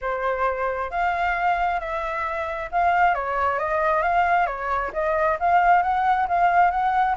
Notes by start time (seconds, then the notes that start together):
0.01 C5
0.90 F5
1.80 E5
2.71 F5
3.14 C#5
3.59 D#5
4.02 F5
4.46 C#5
4.93 D#5
5.39 F5
5.82 F#5
6.28 F5
6.70 F#5